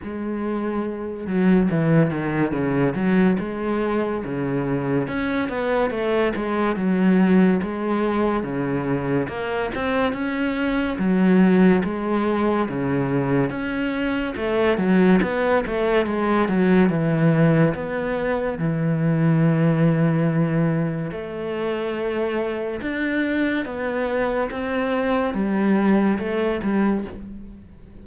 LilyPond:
\new Staff \with { instrumentName = "cello" } { \time 4/4 \tempo 4 = 71 gis4. fis8 e8 dis8 cis8 fis8 | gis4 cis4 cis'8 b8 a8 gis8 | fis4 gis4 cis4 ais8 c'8 | cis'4 fis4 gis4 cis4 |
cis'4 a8 fis8 b8 a8 gis8 fis8 | e4 b4 e2~ | e4 a2 d'4 | b4 c'4 g4 a8 g8 | }